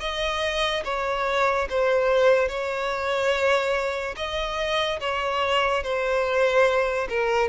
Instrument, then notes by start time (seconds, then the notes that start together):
violin
0.00 D#5
0.84 C#5
1.70 C5
2.48 C#5
4.16 D#5
5.00 C#5
5.83 C5
7.09 A#4